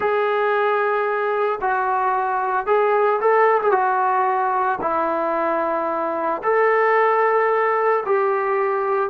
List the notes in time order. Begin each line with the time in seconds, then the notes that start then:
0.00 G#4
1.61 F#4
2.66 G#4
3.20 A4
3.62 G#4
3.71 F#4
4.81 E4
6.43 A4
8.05 G4